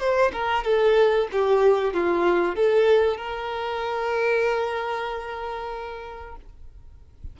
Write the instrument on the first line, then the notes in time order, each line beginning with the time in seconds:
violin
0.00 C5
0.33 A#4
0.64 A4
1.32 G4
1.94 F4
2.56 A4
3.17 A#4